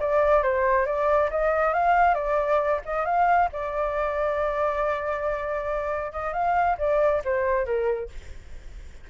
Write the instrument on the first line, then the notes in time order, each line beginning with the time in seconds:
flute
0.00 D5
0.43 C5
0.86 D5
1.31 D#5
1.74 F5
2.15 D5
2.85 D#5
3.05 F5
3.53 D5
6.12 D#5
6.33 F5
6.78 D5
7.25 C5
7.66 A#4